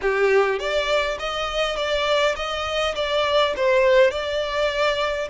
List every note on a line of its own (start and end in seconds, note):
0.01 0.59 G4
0.59 1.18 D5
1.19 1.76 D#5
1.76 2.35 D5
2.36 2.94 D#5
2.95 3.53 D5
3.56 4.10 C5
4.10 5.28 D5